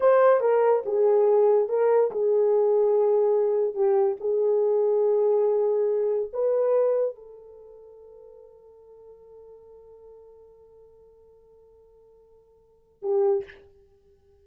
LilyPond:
\new Staff \with { instrumentName = "horn" } { \time 4/4 \tempo 4 = 143 c''4 ais'4 gis'2 | ais'4 gis'2.~ | gis'4 g'4 gis'2~ | gis'2. b'4~ |
b'4 a'2.~ | a'1~ | a'1~ | a'2. g'4 | }